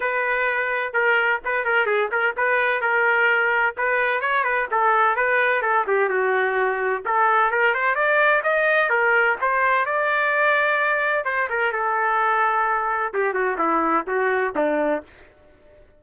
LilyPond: \new Staff \with { instrumentName = "trumpet" } { \time 4/4 \tempo 4 = 128 b'2 ais'4 b'8 ais'8 | gis'8 ais'8 b'4 ais'2 | b'4 cis''8 b'8 a'4 b'4 | a'8 g'8 fis'2 a'4 |
ais'8 c''8 d''4 dis''4 ais'4 | c''4 d''2. | c''8 ais'8 a'2. | g'8 fis'8 e'4 fis'4 d'4 | }